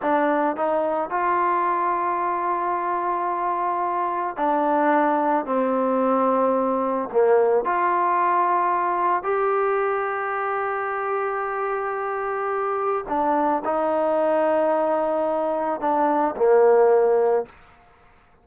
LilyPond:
\new Staff \with { instrumentName = "trombone" } { \time 4/4 \tempo 4 = 110 d'4 dis'4 f'2~ | f'1 | d'2 c'2~ | c'4 ais4 f'2~ |
f'4 g'2.~ | g'1 | d'4 dis'2.~ | dis'4 d'4 ais2 | }